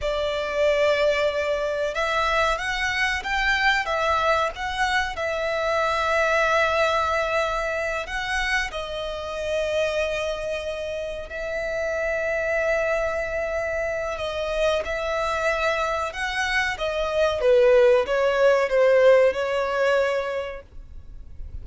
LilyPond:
\new Staff \with { instrumentName = "violin" } { \time 4/4 \tempo 4 = 93 d''2. e''4 | fis''4 g''4 e''4 fis''4 | e''1~ | e''8 fis''4 dis''2~ dis''8~ |
dis''4. e''2~ e''8~ | e''2 dis''4 e''4~ | e''4 fis''4 dis''4 b'4 | cis''4 c''4 cis''2 | }